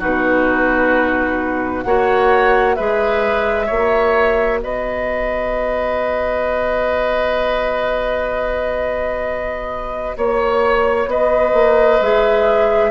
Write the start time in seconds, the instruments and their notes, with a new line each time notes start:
0.00 bassoon B2, clarinet D#4, oboe F#4, flute B4
1.83 bassoon A#3, clarinet F#4, oboe C#5, flute F#5
2.76 bassoon G#3, clarinet G#4, oboe B4, flute E5
3.67 bassoon A#3, clarinet F#4, oboe C#5
4.63 bassoon B3, oboe B4, flute D#5
10.17 bassoon A#3, oboe C#5, flute C#5
11.07 bassoon B3, oboe B4, flute D#5
11.54 bassoon A#3
12.01 bassoon G#3, clarinet G#4, flute E5